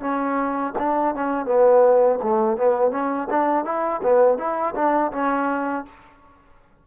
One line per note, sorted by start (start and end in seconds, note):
0.00 0.73 C#4
0.78 1.15 D4
1.15 1.46 C#4
1.46 2.19 B3
2.23 2.57 A3
2.57 2.92 B3
2.92 3.28 C#4
3.30 3.65 D4
3.65 4.01 E4
4.03 4.38 B3
4.38 4.75 E4
4.75 5.12 D4
5.12 5.85 C#4